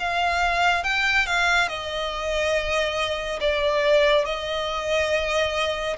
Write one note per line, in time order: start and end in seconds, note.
0.00 0.84 F5
0.84 1.27 G5
1.27 1.69 F5
1.69 3.40 D#5
3.41 4.26 D5
4.26 5.97 D#5